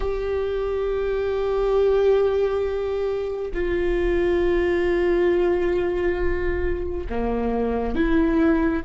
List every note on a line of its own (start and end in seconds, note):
0.00 3.51 G4
3.53 7.06 F4
7.09 7.95 A#3
7.95 8.83 E4